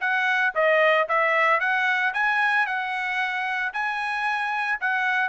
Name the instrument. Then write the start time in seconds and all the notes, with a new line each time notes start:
trumpet
0.00 F#5
0.55 D#5
1.08 E5
1.60 F#5
2.13 G#5
2.66 F#5
3.73 G#5
4.80 F#5